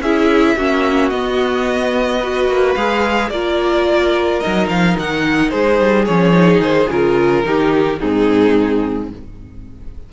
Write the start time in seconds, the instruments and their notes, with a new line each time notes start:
0.00 cello C#4, viola E4, violin G#4 E5
0.56 cello A#3, viola C#4, violin F#4
1.09 viola B3, cello B3, violin D#5
2.19 viola F#4, violin B4
2.48 cello A#3
2.75 cello G#3, viola G#4, violin F5
3.30 cello A#3, viola F4, violin A#4 D5
4.40 viola D#4, violin D#5
4.46 cello F#3
4.68 cello F3, violin F5
4.98 cello D#3, violin F#5
5.50 cello G#3, violin G#4 C5
5.80 cello G3
6.06 cello F3, viola C#4, violin C#5
6.32 viola D#4
6.59 cello D#3, violin C5
6.89 cello C#3, viola F4, violin A#4
7.44 cello D#3, viola D#4, violin G4
7.99 cello G#2, viola C4, violin D#4 G#4